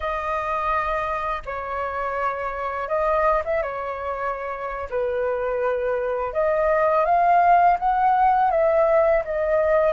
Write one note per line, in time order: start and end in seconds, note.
0.00 1.42 D#5
1.45 2.88 C#5
2.88 3.42 D#5
3.44 3.62 E5
3.62 4.88 C#5
4.90 6.33 B4
6.33 7.05 D#5
7.05 7.77 F5
7.79 8.50 F#5
8.50 9.23 E5
9.24 9.92 D#5